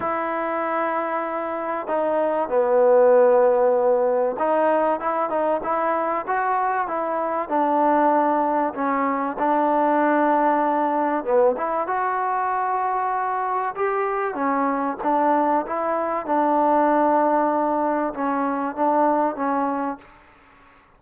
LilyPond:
\new Staff \with { instrumentName = "trombone" } { \time 4/4 \tempo 4 = 96 e'2. dis'4 | b2. dis'4 | e'8 dis'8 e'4 fis'4 e'4 | d'2 cis'4 d'4~ |
d'2 b8 e'8 fis'4~ | fis'2 g'4 cis'4 | d'4 e'4 d'2~ | d'4 cis'4 d'4 cis'4 | }